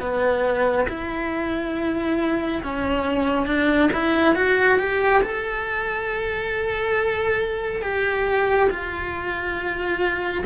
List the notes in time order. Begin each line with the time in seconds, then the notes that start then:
0.00 B3
0.89 E4
2.63 C#4
3.47 D4
3.93 E4
4.36 F#4
4.79 G4
5.23 A4
7.82 G4
8.70 F4